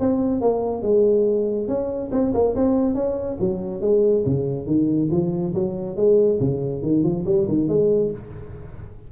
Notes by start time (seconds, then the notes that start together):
0.00 C4
0.41 A#3
0.82 G#3
1.68 C#4
2.12 C4
2.34 A#3
2.55 C4
2.95 C#4
3.40 F#3
3.81 G#3
4.26 C#3
4.67 D#3
5.11 F3
5.54 F#3
5.96 G#3
6.41 C#3
6.82 D#3
7.04 F3
7.26 G3
7.48 D#3
7.68 G#3